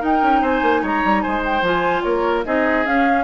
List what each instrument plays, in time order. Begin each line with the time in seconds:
0.00 clarinet D#4, bassoon D#4, oboe A#4, flute G5
0.23 bassoon C#4
0.42 bassoon C4, oboe C5, flute G#5
0.63 bassoon A#3
0.83 bassoon G#3, oboe C#5, flute A#5
1.05 bassoon G3
1.22 bassoon G#3, oboe C5, flute G#5
1.45 flute G5
1.62 bassoon F3, clarinet F4
1.68 flute G#5
2.03 bassoon A#3, oboe A#4, flute C#5
2.45 bassoon C4, clarinet D#4, oboe G#4, flute D#5
2.85 clarinet C#4, bassoon C#4, flute F5